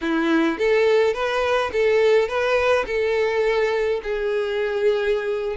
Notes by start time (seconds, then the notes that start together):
0.01 E4
0.58 A4
1.13 B4
1.72 A4
2.28 B4
2.86 A4
4.03 G#4